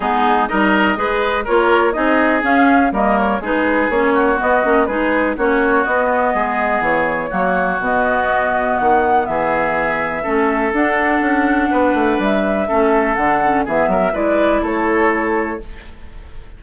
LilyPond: <<
  \new Staff \with { instrumentName = "flute" } { \time 4/4 \tempo 4 = 123 gis'4 dis''2 cis''4 | dis''4 f''4 dis''8 cis''8 b'4 | cis''4 dis''4 b'4 cis''4 | dis''2 cis''2 |
dis''2 fis''4 e''4~ | e''2 fis''2~ | fis''4 e''2 fis''4 | e''4 d''4 cis''2 | }
  \new Staff \with { instrumentName = "oboe" } { \time 4/4 dis'4 ais'4 b'4 ais'4 | gis'2 ais'4 gis'4~ | gis'8 fis'4. gis'4 fis'4~ | fis'4 gis'2 fis'4~ |
fis'2. gis'4~ | gis'4 a'2. | b'2 a'2 | gis'8 ais'8 b'4 a'2 | }
  \new Staff \with { instrumentName = "clarinet" } { \time 4/4 b4 dis'4 gis'4 f'4 | dis'4 cis'4 ais4 dis'4 | cis'4 b8 cis'8 dis'4 cis'4 | b2. ais4 |
b1~ | b4 cis'4 d'2~ | d'2 cis'4 d'8 cis'8 | b4 e'2. | }
  \new Staff \with { instrumentName = "bassoon" } { \time 4/4 gis4 g4 gis4 ais4 | c'4 cis'4 g4 gis4 | ais4 b8 ais8 gis4 ais4 | b4 gis4 e4 fis4 |
b,2 dis4 e4~ | e4 a4 d'4 cis'4 | b8 a8 g4 a4 d4 | e8 fis8 gis4 a2 | }
>>